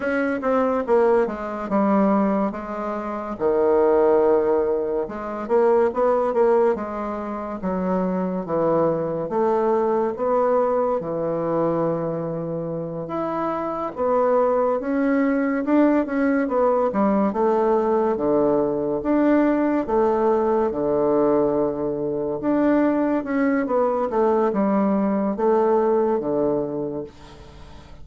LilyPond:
\new Staff \with { instrumentName = "bassoon" } { \time 4/4 \tempo 4 = 71 cis'8 c'8 ais8 gis8 g4 gis4 | dis2 gis8 ais8 b8 ais8 | gis4 fis4 e4 a4 | b4 e2~ e8 e'8~ |
e'8 b4 cis'4 d'8 cis'8 b8 | g8 a4 d4 d'4 a8~ | a8 d2 d'4 cis'8 | b8 a8 g4 a4 d4 | }